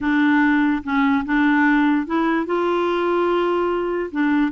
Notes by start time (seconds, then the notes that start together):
0.00 D4
0.83 C#4
1.25 D4
2.06 E4
2.45 F4
4.11 D4